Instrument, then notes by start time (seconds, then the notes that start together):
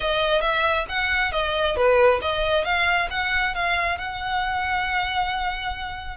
violin
0.00 D#5
0.41 E5
0.88 F#5
1.32 D#5
1.76 B4
2.21 D#5
2.64 F5
3.10 F#5
3.54 F5
3.98 F#5